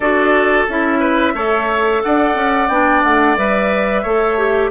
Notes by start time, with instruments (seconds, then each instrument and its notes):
0.00 bassoon D4, clarinet F#4, oboe A4, flute D5
0.69 bassoon C#4, clarinet E4, flute E5
0.99 oboe B4
1.34 bassoon A3, clarinet A4, oboe C#5
2.03 bassoon D4, oboe D5, flute F#5
2.35 bassoon C#4
2.68 bassoon B3, clarinet D4, flute G5
3.03 bassoon A3, flute F#5
3.37 bassoon G3, clarinet B4, flute E5
4.02 bassoon A3, clarinet A4, oboe C#5
4.37 clarinet G4